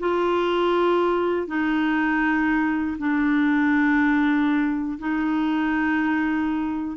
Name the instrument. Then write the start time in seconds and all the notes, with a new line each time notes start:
clarinet
0.00 F4
1.47 D#4
2.99 D4
4.99 D#4